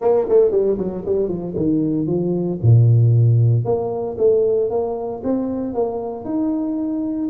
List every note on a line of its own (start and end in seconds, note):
0.01 0.27 A#3
0.28 0.51 A3
0.51 0.77 G3
0.78 1.04 F#3
1.05 1.28 G3
1.28 1.54 F3
1.56 2.07 D#3
2.07 2.59 F3
2.62 3.64 A#2
3.64 4.16 A#3
4.18 4.70 A3
4.70 5.22 A#3
5.23 5.73 C4
5.73 6.25 A#3
6.25 7.29 D#4